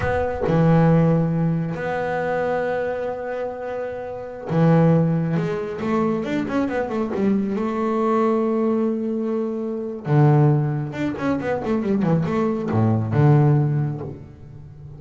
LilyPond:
\new Staff \with { instrumentName = "double bass" } { \time 4/4 \tempo 4 = 137 b4 e2. | b1~ | b2~ b16 e4.~ e16~ | e16 gis4 a4 d'8 cis'8 b8 a16~ |
a16 g4 a2~ a8.~ | a2. d4~ | d4 d'8 cis'8 b8 a8 g8 e8 | a4 a,4 d2 | }